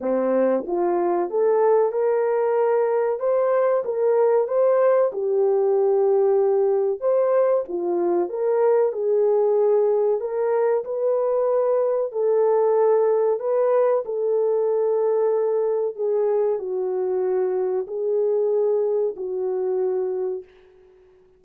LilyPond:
\new Staff \with { instrumentName = "horn" } { \time 4/4 \tempo 4 = 94 c'4 f'4 a'4 ais'4~ | ais'4 c''4 ais'4 c''4 | g'2. c''4 | f'4 ais'4 gis'2 |
ais'4 b'2 a'4~ | a'4 b'4 a'2~ | a'4 gis'4 fis'2 | gis'2 fis'2 | }